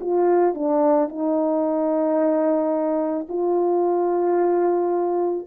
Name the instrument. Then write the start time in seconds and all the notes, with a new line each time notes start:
horn
0.00 F4
0.54 D4
1.09 D#4
3.28 F4